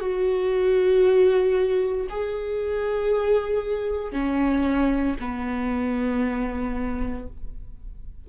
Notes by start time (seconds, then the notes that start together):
0.00 F#4
2.09 G#4
4.12 C#4
5.20 B3